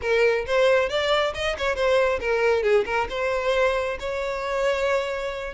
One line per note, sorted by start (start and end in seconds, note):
0.01 0.45 A#4
0.46 0.89 C5
0.89 1.33 D5
1.34 1.56 D#5
1.57 1.75 C#5
1.75 2.19 C5
2.20 2.62 A#4
2.62 2.85 G#4
2.85 3.07 A#4
3.09 3.97 C5
3.99 5.53 C#5